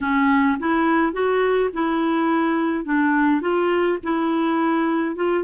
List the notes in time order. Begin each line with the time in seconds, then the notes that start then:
0.01 C#4
0.59 E4
1.12 F#4
1.73 E4
2.84 D4
3.41 F4
4.03 E4
5.15 F4